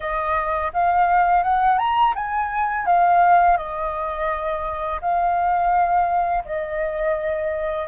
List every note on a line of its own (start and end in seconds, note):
0.00 0.71 D#5
0.73 1.43 F5
1.43 1.78 F#5
1.78 2.14 A#5
2.15 2.85 G#5
2.85 3.57 F5
3.57 5.00 D#5
5.01 6.44 F5
6.44 7.87 D#5